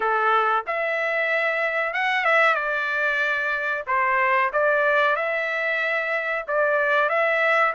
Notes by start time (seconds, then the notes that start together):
0.00 A4
0.66 E5
1.93 F#5
2.24 E5
2.55 D5
3.87 C5
4.52 D5
5.16 E5
6.47 D5
7.09 E5